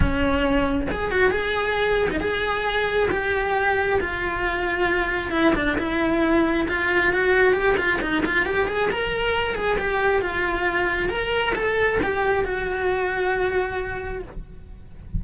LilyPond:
\new Staff \with { instrumentName = "cello" } { \time 4/4 \tempo 4 = 135 cis'2 gis'8 fis'8 gis'4~ | gis'8. dis'16 gis'2 g'4~ | g'4 f'2. | e'8 d'8 e'2 f'4 |
fis'4 g'8 f'8 dis'8 f'8 g'8 gis'8 | ais'4. gis'8 g'4 f'4~ | f'4 ais'4 a'4 g'4 | fis'1 | }